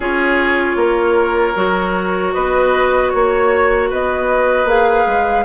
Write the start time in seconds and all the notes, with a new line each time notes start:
0.00 C#4 F4 G#4 C#5
0.75 A#3 A#4
1.55 F#3 F#4
2.33 B3 B4 D#5
3.10 A#3 C#5
3.89 B3 B4 D#5
4.64 A#3 G#4 F5
5.06 G#3